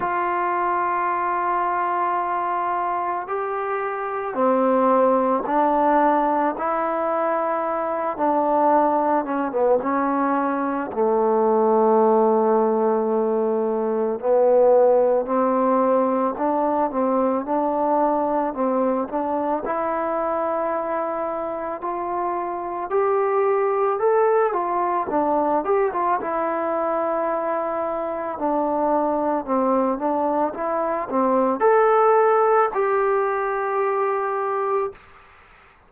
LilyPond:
\new Staff \with { instrumentName = "trombone" } { \time 4/4 \tempo 4 = 55 f'2. g'4 | c'4 d'4 e'4. d'8~ | d'8 cis'16 b16 cis'4 a2~ | a4 b4 c'4 d'8 c'8 |
d'4 c'8 d'8 e'2 | f'4 g'4 a'8 f'8 d'8 g'16 f'16 | e'2 d'4 c'8 d'8 | e'8 c'8 a'4 g'2 | }